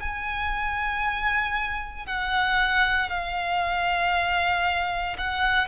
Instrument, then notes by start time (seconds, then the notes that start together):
violin
0.00 G#5
2.06 F#5
3.10 F5
5.18 F#5